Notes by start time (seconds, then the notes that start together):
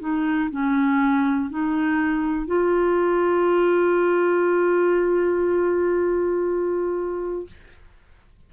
0.00 D#4
0.51 C#4
1.50 D#4
2.47 F4